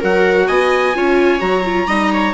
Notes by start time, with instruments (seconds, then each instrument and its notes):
0.00 bassoon F#3, viola F#4 A#4, trumpet F#5
0.47 bassoon B3, viola D#5, trumpet G#5
0.94 bassoon C#4, viola F4 C#5
1.39 bassoon F#3, viola F#4, trumpet A#5
1.65 viola F4
1.87 bassoon G3, viola D#4 D#5
2.13 viola C#5